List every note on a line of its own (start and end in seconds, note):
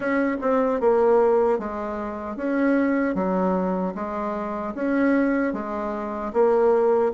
0.00 0.37 C#4
0.41 0.80 C4
0.80 1.59 A#3
1.59 2.36 G#3
2.36 3.14 C#4
3.14 3.93 F#3
3.95 4.74 G#3
4.74 5.53 C#4
5.53 6.32 G#3
6.33 7.12 A#3